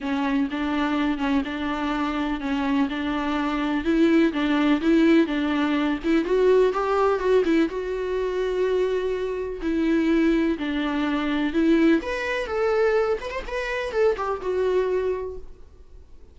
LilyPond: \new Staff \with { instrumentName = "viola" } { \time 4/4 \tempo 4 = 125 cis'4 d'4. cis'8 d'4~ | d'4 cis'4 d'2 | e'4 d'4 e'4 d'4~ | d'8 e'8 fis'4 g'4 fis'8 e'8 |
fis'1 | e'2 d'2 | e'4 b'4 a'4. b'16 c''16 | b'4 a'8 g'8 fis'2 | }